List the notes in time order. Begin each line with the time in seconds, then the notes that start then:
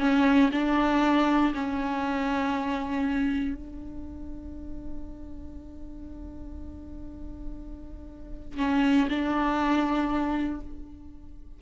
0.00 C#4
0.52 D4
1.55 C#4
3.55 D4
8.58 C#4
9.09 D4